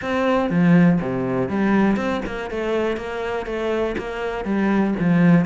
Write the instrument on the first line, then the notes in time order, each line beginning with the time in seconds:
cello
0.01 C4
0.50 F3
1.01 C3
1.49 G3
1.96 C4
2.25 A#3
2.50 A3
2.96 A#3
3.46 A3
3.98 A#3
4.44 G3
4.99 F3